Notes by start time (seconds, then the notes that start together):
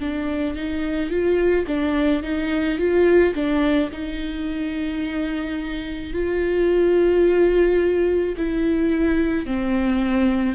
0.00 D4
0.56 D#4
1.10 F4
1.67 D4
2.23 D#4
2.78 F4
3.34 D4
3.92 D#4
6.13 F4
8.37 E4
9.46 C4